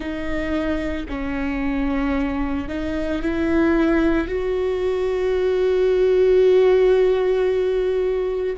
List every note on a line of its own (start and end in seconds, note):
0.00 1.06 D#4
1.08 2.68 C#4
2.68 3.21 D#4
3.21 4.27 E4
4.27 8.56 F#4